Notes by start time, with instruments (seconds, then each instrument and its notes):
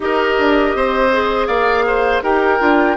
0.00 bassoon D#4, clarinet G4, oboe A#4, flute D#5
0.38 bassoon D4
0.75 bassoon C4, oboe C5
1.12 clarinet G#4
1.47 bassoon A#3, oboe D5, flute F5
1.86 oboe C5
2.22 bassoon D#4, clarinet G4, oboe A#4, flute G5
2.59 bassoon D4, clarinet F4